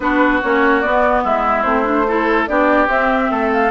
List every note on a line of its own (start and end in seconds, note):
0.00 0.42 B3
0.00 0.42 D4
0.00 1.24 F#4
0.00 0.41 B4
0.42 0.85 A#3
0.42 0.82 C#4
0.42 0.81 C#5
0.81 1.64 B3
0.81 1.24 B3
0.81 1.22 D5
1.24 1.64 G#3
1.24 2.06 E4
1.24 1.62 E5
1.62 2.47 A3
1.62 1.84 C4
1.62 2.45 C5
1.84 2.04 D4
2.08 2.47 E4
2.08 2.49 A4
2.47 2.87 B3
2.47 2.87 D4
2.47 3.31 G4
2.47 2.88 D5
2.87 3.70 C4
2.87 3.28 C4
2.87 3.51 E5
3.31 3.70 A3
3.31 3.70 A4
3.52 3.70 F5